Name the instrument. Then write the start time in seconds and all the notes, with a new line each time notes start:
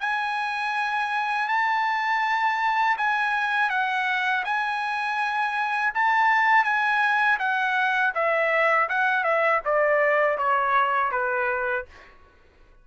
trumpet
0.00 G#5
1.48 A5
2.97 G#5
3.69 F#5
4.44 G#5
5.94 A5
6.64 G#5
7.39 F#5
8.14 E5
8.89 F#5
9.24 E5
9.65 D5
10.37 C#5
11.11 B4